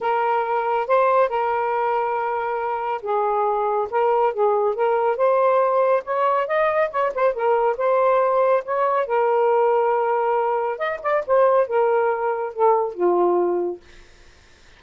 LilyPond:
\new Staff \with { instrumentName = "saxophone" } { \time 4/4 \tempo 4 = 139 ais'2 c''4 ais'4~ | ais'2. gis'4~ | gis'4 ais'4 gis'4 ais'4 | c''2 cis''4 dis''4 |
cis''8 c''8 ais'4 c''2 | cis''4 ais'2.~ | ais'4 dis''8 d''8 c''4 ais'4~ | ais'4 a'4 f'2 | }